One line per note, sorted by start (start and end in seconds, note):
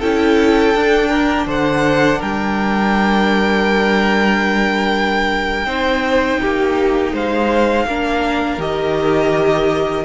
0.00 0.75 C#4
0.00 0.76 E4
0.00 1.10 A4
0.00 1.48 G5
0.75 1.47 D4
0.75 5.67 D4
1.10 1.46 A#4
1.47 2.20 D3
1.47 2.19 C5
1.47 2.22 F#5
2.19 5.66 G3
2.19 5.67 A#4
2.19 7.16 G5
5.66 6.39 C4
5.66 7.87 D#4
5.66 6.41 C5
6.41 7.13 A#3
6.41 7.13 G4
7.13 7.86 G#3
7.13 7.87 C5
7.13 8.61 F5
7.86 8.59 A#3
7.86 8.60 D4
7.86 10.05 A#4
8.59 10.05 D#3
8.59 10.05 G4
8.59 10.05 D#5